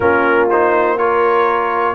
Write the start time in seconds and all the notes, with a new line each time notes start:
0.00 A#3 C#4 F4 A#4
0.50 D#4 C5
0.98 F4 A#4 C#5